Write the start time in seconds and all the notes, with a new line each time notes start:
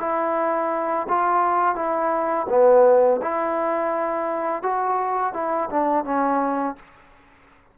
0.00 E4
1.09 F4
1.75 E4
2.49 B3
3.22 E4
4.63 F#4
5.34 E4
5.70 D4
6.05 C#4